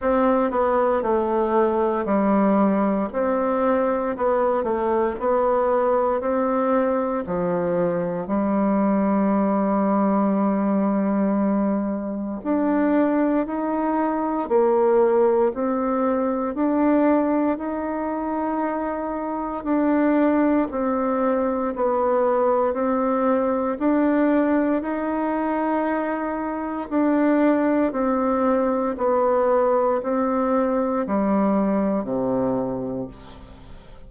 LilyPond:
\new Staff \with { instrumentName = "bassoon" } { \time 4/4 \tempo 4 = 58 c'8 b8 a4 g4 c'4 | b8 a8 b4 c'4 f4 | g1 | d'4 dis'4 ais4 c'4 |
d'4 dis'2 d'4 | c'4 b4 c'4 d'4 | dis'2 d'4 c'4 | b4 c'4 g4 c4 | }